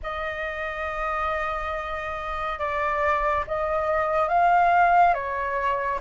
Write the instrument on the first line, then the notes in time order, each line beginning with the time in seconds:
flute
0.02 D#5
2.58 D5
3.47 D#5
4.28 F5
5.14 C#5